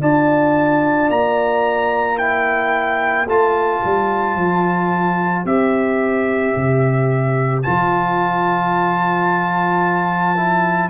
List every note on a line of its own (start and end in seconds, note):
0.00 1.10 D4
0.00 2.17 F4
0.00 2.17 D5
0.00 1.10 A5
1.10 3.26 A#3
1.10 2.18 A#5
2.17 3.27 E4
2.17 10.89 C5
2.17 3.27 G5
3.26 3.80 A3
3.26 5.46 F4
3.26 5.46 A5
3.84 4.36 G3
4.36 5.45 F3
5.45 6.54 C4
5.45 7.64 G4
5.45 7.62 E5
6.56 7.65 C3
7.62 10.89 F3
7.62 10.36 F4
7.62 10.89 A5
10.36 10.89 E4